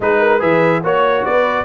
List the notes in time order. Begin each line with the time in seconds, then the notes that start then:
0.00 G#3 D#4 G#4 B4
0.19 A#4
0.39 E3 G#4 B4 E5
0.83 A#3 F#4 C#5
1.24 B3 B4 D5